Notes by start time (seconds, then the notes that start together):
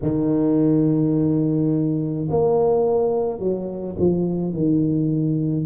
0.02 D#3
2.30 A#3
3.39 F#3
3.98 F3
4.53 D#3